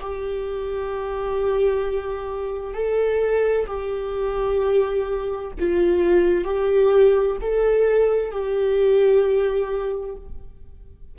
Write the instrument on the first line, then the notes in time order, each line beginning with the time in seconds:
viola
0.00 G4
2.74 A4
3.66 G4
5.59 F4
6.44 G4
7.41 A4
8.31 G4